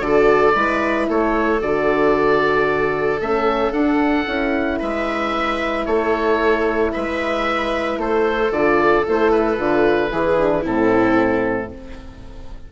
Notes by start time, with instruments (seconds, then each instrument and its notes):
0.00 bassoon D3, horn F#4, viola A4, oboe D5
0.55 bassoon G#3, horn E4, viola B4
1.08 bassoon A3, viola A4, oboe C#5
1.60 bassoon D3, horn F#4, oboe D5
3.20 bassoon A3, horn C#4, oboe E5
3.72 bassoon D4, horn D4, oboe F#5
4.25 bassoon C#4, horn E4
4.79 bassoon G#3, viola B4, oboe E5
5.85 bassoon A3, viola A4, oboe C#5
6.92 bassoon G#3, viola B4, oboe E5
7.97 bassoon A3, viola A4, oboe C5
8.51 bassoon D3, horn F4, oboe D5
9.06 bassoon A3, horn E4, oboe C5
9.31 oboe B4
9.57 bassoon D3, horn F4
10.10 bassoon E3, horn E4, viola G#4
10.37 horn D4
10.60 bassoon A2, horn C4, viola E4, oboe A4